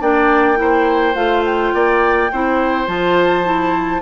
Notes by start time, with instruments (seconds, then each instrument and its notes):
0.00 bassoon A#3, clarinet D4, oboe D5, flute G5
0.55 clarinet E4, oboe C5
1.14 bassoon A3, clarinet F4, flute F5
1.44 flute G5
1.73 bassoon A#3, oboe D5
2.31 bassoon C4, clarinet E4, oboe C5
2.86 bassoon F3, clarinet F4, flute A5
3.44 clarinet E4